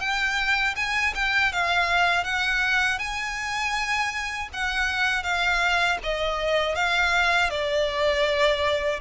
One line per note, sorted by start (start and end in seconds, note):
0.00 0.75 G5
0.76 1.14 G#5
1.15 1.52 G5
1.52 2.24 F5
2.24 2.99 F#5
2.99 4.49 G#5
4.53 5.23 F#5
5.23 5.98 F5
6.03 6.75 D#5
6.75 7.50 F5
7.50 9.00 D5